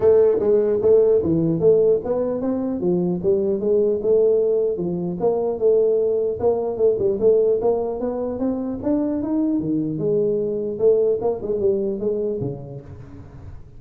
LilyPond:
\new Staff \with { instrumentName = "tuba" } { \time 4/4 \tempo 4 = 150 a4 gis4 a4 e4 | a4 b4 c'4 f4 | g4 gis4 a2 | f4 ais4 a2 |
ais4 a8 g8 a4 ais4 | b4 c'4 d'4 dis'4 | dis4 gis2 a4 | ais8 gis8 g4 gis4 cis4 | }